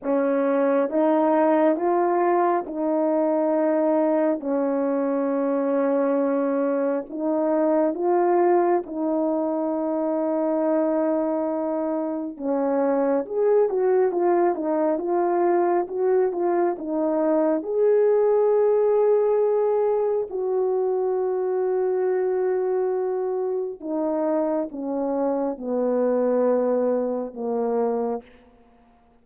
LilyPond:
\new Staff \with { instrumentName = "horn" } { \time 4/4 \tempo 4 = 68 cis'4 dis'4 f'4 dis'4~ | dis'4 cis'2. | dis'4 f'4 dis'2~ | dis'2 cis'4 gis'8 fis'8 |
f'8 dis'8 f'4 fis'8 f'8 dis'4 | gis'2. fis'4~ | fis'2. dis'4 | cis'4 b2 ais4 | }